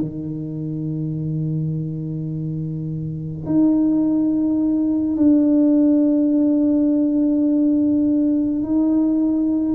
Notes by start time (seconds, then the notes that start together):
0.00 D#3
3.46 D#4
5.17 D4
8.63 D#4